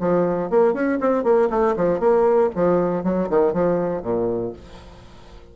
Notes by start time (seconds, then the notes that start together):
0.00 F3
0.50 A#3
0.74 C#4
1.00 C4
1.24 A#3
1.50 A3
1.76 F3
1.99 A#3
2.55 F3
3.04 F#3
3.30 D#3
3.53 F3
4.02 A#2